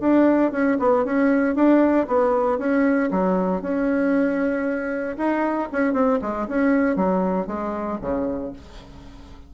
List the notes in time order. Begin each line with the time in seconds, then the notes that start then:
0.00 D4
0.52 C#4
0.79 B3
1.05 C#4
1.55 D4
2.07 B3
2.58 C#4
3.11 F#3
3.61 C#4
5.17 D#4
5.72 C#4
5.93 C4
6.21 G#3
6.48 C#4
6.96 F#3
7.47 G#3
8.01 C#3